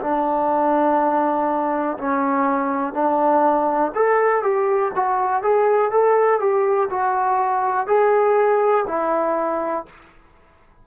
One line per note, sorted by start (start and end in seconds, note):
0.00 1.97 D4
1.97 2.93 C#4
2.93 3.91 D4
3.94 4.42 A4
4.42 4.91 G4
4.95 5.42 F#4
5.42 5.91 G#4
5.91 6.39 A4
6.39 6.89 G4
6.89 7.86 F#4
7.86 8.85 G#4
8.87 9.85 E4